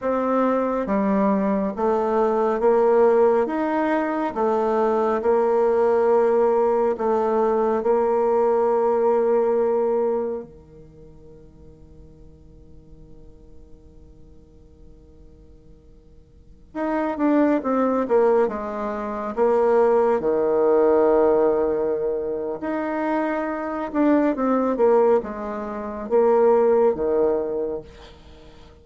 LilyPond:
\new Staff \with { instrumentName = "bassoon" } { \time 4/4 \tempo 4 = 69 c'4 g4 a4 ais4 | dis'4 a4 ais2 | a4 ais2. | dis1~ |
dis2.~ dis16 dis'8 d'16~ | d'16 c'8 ais8 gis4 ais4 dis8.~ | dis2 dis'4. d'8 | c'8 ais8 gis4 ais4 dis4 | }